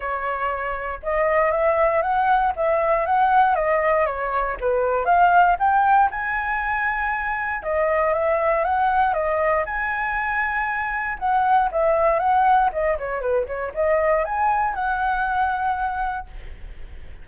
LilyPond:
\new Staff \with { instrumentName = "flute" } { \time 4/4 \tempo 4 = 118 cis''2 dis''4 e''4 | fis''4 e''4 fis''4 dis''4 | cis''4 b'4 f''4 g''4 | gis''2. dis''4 |
e''4 fis''4 dis''4 gis''4~ | gis''2 fis''4 e''4 | fis''4 dis''8 cis''8 b'8 cis''8 dis''4 | gis''4 fis''2. | }